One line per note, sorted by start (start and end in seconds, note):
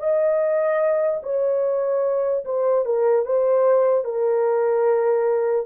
0.00 1.22 D#5
1.23 2.45 C#5
2.45 2.86 C5
2.86 3.26 A#4
3.26 4.05 C5
4.05 5.67 A#4